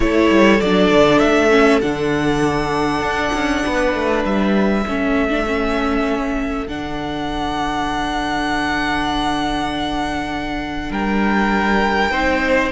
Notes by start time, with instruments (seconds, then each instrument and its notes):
0.00 cello A3, viola E4, violin A4 C#5
0.30 cello G3
0.60 cello F#3, viola D4, violin D5
0.91 cello D3
1.18 cello A3, violin E5
1.50 viola C#4
1.81 cello D3, viola D4, violin F#5
3.00 cello D4
3.33 cello C#4
3.65 cello B3, violin B4
3.94 cello A3
4.24 cello G3, violin E5
4.85 cello A3, viola C#4, violin A4
5.29 viola D4
5.46 viola C#4
6.67 cello D3, viola D4, violin F#5
10.91 cello G3, violin A#4 G5
12.10 cello C4, viola D#4, violin C5